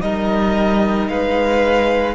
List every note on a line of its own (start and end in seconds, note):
0.00 1.09 G3
0.00 2.14 D#4
0.00 1.10 A#4
0.00 1.08 D#5
1.08 2.15 G#3
1.08 2.15 B4
1.08 2.15 F5